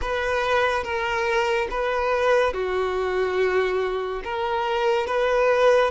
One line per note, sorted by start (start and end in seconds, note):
0.01 0.83 B4
0.83 1.67 A#4
1.70 2.53 B4
2.53 4.22 F#4
4.23 5.06 A#4
5.06 5.90 B4